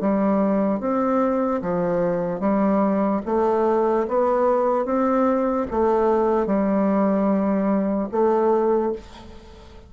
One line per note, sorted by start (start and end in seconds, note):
0.00 0.80 G3
0.80 1.61 C4
1.61 2.40 F3
2.40 3.21 G3
3.25 4.06 A3
4.08 4.85 B3
4.85 5.66 C4
5.71 6.46 A3
6.46 8.08 G3
8.11 8.92 A3